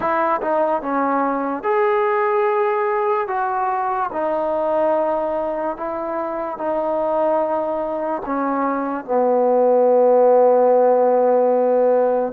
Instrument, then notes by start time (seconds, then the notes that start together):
trombone
0.00 E4
0.41 D#4
0.82 C#4
1.63 G#4
3.27 F#4
4.12 D#4
5.76 E4
6.57 D#4
8.25 C#4
9.04 B3